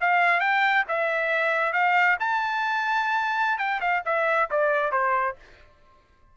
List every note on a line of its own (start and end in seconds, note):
0.00 0.40 F5
0.40 0.83 G5
0.88 1.73 E5
1.73 2.17 F5
2.19 3.58 A5
3.58 3.80 G5
3.80 4.02 F5
4.05 4.49 E5
4.50 4.92 D5
4.92 5.35 C5